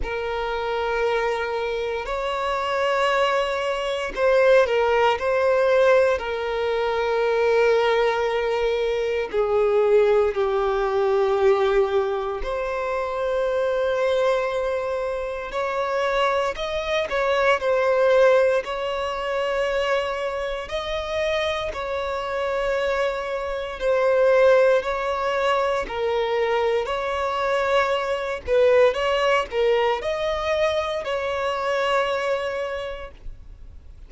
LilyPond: \new Staff \with { instrumentName = "violin" } { \time 4/4 \tempo 4 = 58 ais'2 cis''2 | c''8 ais'8 c''4 ais'2~ | ais'4 gis'4 g'2 | c''2. cis''4 |
dis''8 cis''8 c''4 cis''2 | dis''4 cis''2 c''4 | cis''4 ais'4 cis''4. b'8 | cis''8 ais'8 dis''4 cis''2 | }